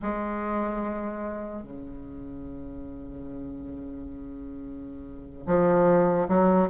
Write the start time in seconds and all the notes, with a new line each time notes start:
0.01 G#3
1.62 C#3
5.46 F3
6.28 F#3